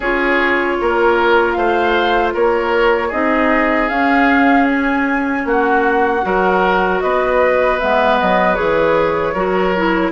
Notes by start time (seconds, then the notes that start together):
0.00 C#4 F4 G#4 C#5
0.81 A#3 A#4
1.52 A3 C5 F5
2.33 A#3 A#4 C#5
3.08 C4 D#4 G#4 D#5
3.88 C#4 F5
4.69 G#5
5.45 A#3 F#4 F#5
6.22 F#3 F#4 A#4
7.00 B3 B4 D#5
7.79 G#3 B3 E5
8.19 F#3 D#5
8.55 E3 G#4 C#5
9.33 F#3 F#4 A#4
9.76 E4